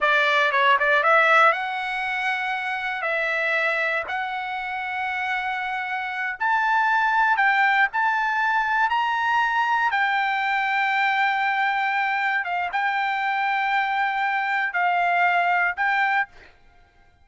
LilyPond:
\new Staff \with { instrumentName = "trumpet" } { \time 4/4 \tempo 4 = 118 d''4 cis''8 d''8 e''4 fis''4~ | fis''2 e''2 | fis''1~ | fis''8 a''2 g''4 a''8~ |
a''4. ais''2 g''8~ | g''1~ | g''8 f''8 g''2.~ | g''4 f''2 g''4 | }